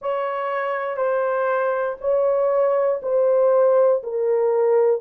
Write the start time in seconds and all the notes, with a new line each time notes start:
0.01 C#5
0.96 C5
2.00 C#5
3.02 C5
4.03 A#4